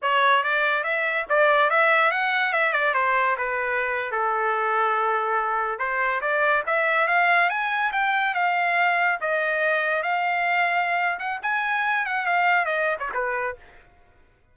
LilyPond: \new Staff \with { instrumentName = "trumpet" } { \time 4/4 \tempo 4 = 142 cis''4 d''4 e''4 d''4 | e''4 fis''4 e''8 d''8 c''4 | b'4.~ b'16 a'2~ a'16~ | a'4.~ a'16 c''4 d''4 e''16~ |
e''8. f''4 gis''4 g''4 f''16~ | f''4.~ f''16 dis''2 f''16~ | f''2~ f''8 fis''8 gis''4~ | gis''8 fis''8 f''4 dis''8. cis''16 b'4 | }